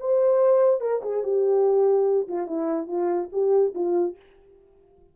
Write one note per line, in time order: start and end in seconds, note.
0.00 0.81 C5
0.81 1.02 A#4
1.03 1.24 G#4
1.24 2.28 G4
2.29 2.48 F4
2.48 2.88 E4
2.88 3.30 F4
3.32 3.74 G4
3.75 4.17 F4